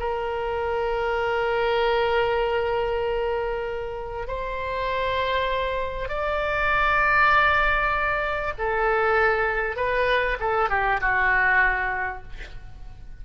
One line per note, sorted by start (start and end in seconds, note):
0.00 4.28 A#4
4.28 6.09 C5
6.09 8.54 D5
8.59 9.77 A4
9.77 10.38 B4
10.40 10.70 A4
10.70 11.01 G4
11.01 12.24 F#4